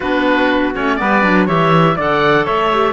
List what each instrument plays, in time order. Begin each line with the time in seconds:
0.00 cello B3, clarinet D4, trumpet F#4, oboe B4
0.74 cello A3, clarinet C#4, oboe C#5
0.95 cello G3, clarinet B3, trumpet B4, oboe D5
1.22 cello F#3, clarinet D4
1.45 cello E3, clarinet G4, trumpet C#5, oboe E5
1.96 cello D3, clarinet A4, trumpet D5, oboe F#5
2.44 cello A3, trumpet C#5, oboe E5
2.72 clarinet G4